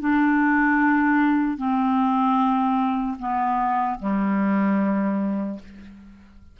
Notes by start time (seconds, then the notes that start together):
0.00 D4
1.57 C4
3.19 B3
3.99 G3